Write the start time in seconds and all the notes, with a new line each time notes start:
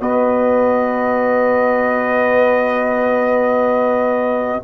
0.00 B3 F#4 B4 D#5